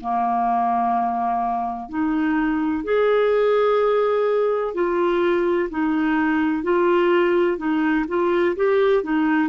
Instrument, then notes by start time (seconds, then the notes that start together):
clarinet
0.00 A#3
1.89 D#4
2.84 G#4
4.74 F4
5.70 D#4
6.63 F4
7.57 D#4
8.08 F4
8.56 G4
9.03 D#4